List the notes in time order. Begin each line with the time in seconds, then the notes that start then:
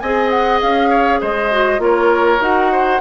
0.00 C4 G#4 D#5 G#5
0.30 F#5
0.61 C#4 F5
0.90 C#5
1.21 G#3 C5 D#5
1.52 F#4
1.79 A#3 F4 A#4 C#5
2.40 D#4 F#4 F#5
2.72 C5